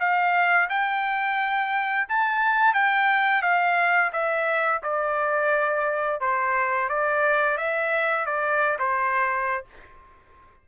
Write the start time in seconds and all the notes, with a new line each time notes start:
0.00 F5
0.70 G5
2.09 A5
2.74 G5
3.43 F5
4.13 E5
4.83 D5
6.21 C5
6.89 D5
7.58 E5
8.26 D5
8.79 C5